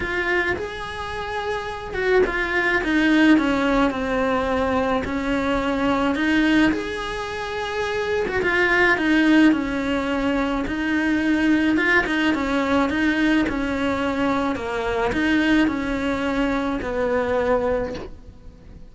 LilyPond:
\new Staff \with { instrumentName = "cello" } { \time 4/4 \tempo 4 = 107 f'4 gis'2~ gis'8 fis'8 | f'4 dis'4 cis'4 c'4~ | c'4 cis'2 dis'4 | gis'2~ gis'8. fis'16 f'4 |
dis'4 cis'2 dis'4~ | dis'4 f'8 dis'8 cis'4 dis'4 | cis'2 ais4 dis'4 | cis'2 b2 | }